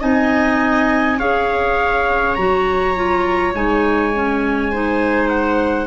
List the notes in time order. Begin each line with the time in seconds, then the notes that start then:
0.00 C4 D#4 D#5 G#5
1.19 C#4 G#4 C#5 F5
2.35 F#3 F#4 A#5
2.96 F4
3.54 G#3 D#4 G#5
4.14 C#4
4.72 D#4 C5
5.29 F#5